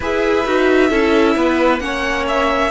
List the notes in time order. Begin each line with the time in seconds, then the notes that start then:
0.00 E4 G#4 B4 E5
0.45 D#4 F#4
0.89 C#4 E4 A4
1.36 B3 B4
1.79 A#3 C#4 C#5 F#5
2.28 E5